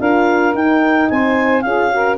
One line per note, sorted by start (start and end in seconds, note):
0.00 0.54 D4
0.00 0.54 F4
0.00 1.09 A#4
0.00 0.55 F5
0.54 1.63 D#4
0.54 1.09 D#4
0.54 1.10 G5
1.10 1.65 C4
1.10 1.65 C5
1.10 1.62 G#5
1.62 2.18 C#4
1.62 1.91 F4
1.62 1.92 G#4
1.62 2.17 F5
1.91 2.18 F#4
1.91 2.18 A#4